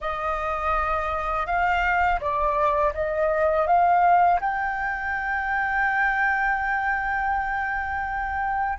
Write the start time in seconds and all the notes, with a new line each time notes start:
0.00 D#5
1.46 F5
2.20 D5
2.94 D#5
3.67 F5
4.40 G5